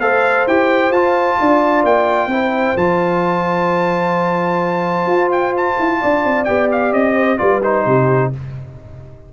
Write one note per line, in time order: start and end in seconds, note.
0.00 0.46 A3
0.00 0.48 A4
0.00 1.39 C5
0.00 0.47 F5
0.47 0.90 E4
0.47 0.94 G4
0.47 0.92 G5
0.90 1.36 F4
0.90 2.31 F4
0.90 1.85 A5
1.39 1.84 D4
1.39 2.31 D5
1.84 2.27 A#3
1.84 2.78 G5
2.27 2.73 C4
2.27 2.77 E4
2.27 6.01 C5
2.76 5.06 F3
2.76 6.47 F4
2.76 5.32 A5
5.06 5.75 F4
5.32 5.55 G5
5.57 6.45 A5
5.79 6.02 E4
6.01 6.25 D4
6.01 7.15 D5
6.25 6.48 C4
6.45 6.93 B3
6.45 7.38 G4
6.45 6.68 G5
6.72 6.93 F5
6.93 7.39 C4
6.93 7.38 D#5
7.15 7.38 C5
7.38 7.86 G3
7.38 7.61 F4
7.38 7.86 B4
7.38 7.61 D5
7.64 8.33 D#4
7.64 8.33 C5
7.86 8.32 C3
7.86 8.33 G4